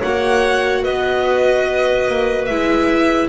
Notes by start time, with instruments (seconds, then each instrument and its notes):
0.00 double bass A#3, viola F#4, clarinet C#5, violin F#5
0.83 double bass B3, clarinet B4, violin D#5
2.09 double bass A#3
2.46 double bass G#3, viola E4, violin E5